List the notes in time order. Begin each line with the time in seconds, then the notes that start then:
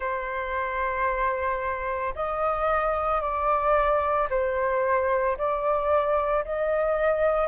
0.00 C5
2.15 D#5
3.21 D5
4.30 C5
5.37 D5
6.44 D#5